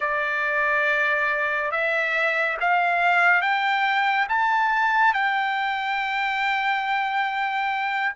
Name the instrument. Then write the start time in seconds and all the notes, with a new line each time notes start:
trumpet
0.00 D5
1.71 E5
2.60 F5
3.41 G5
4.28 A5
5.14 G5